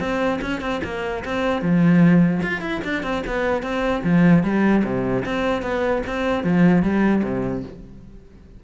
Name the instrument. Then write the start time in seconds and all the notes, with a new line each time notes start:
cello
0.00 C4
0.42 C#4
0.61 C4
0.84 A#3
1.25 C4
1.62 F3
2.43 F4
2.61 E4
2.85 D4
3.03 C4
3.27 B3
3.63 C4
4.04 F3
4.44 G3
4.84 C3
5.25 C4
5.62 B3
6.07 C4
6.44 F3
6.83 G3
7.23 C3